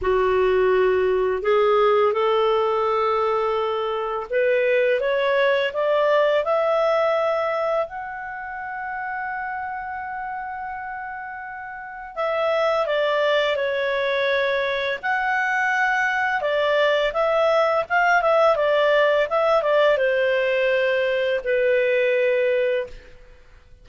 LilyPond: \new Staff \with { instrumentName = "clarinet" } { \time 4/4 \tempo 4 = 84 fis'2 gis'4 a'4~ | a'2 b'4 cis''4 | d''4 e''2 fis''4~ | fis''1~ |
fis''4 e''4 d''4 cis''4~ | cis''4 fis''2 d''4 | e''4 f''8 e''8 d''4 e''8 d''8 | c''2 b'2 | }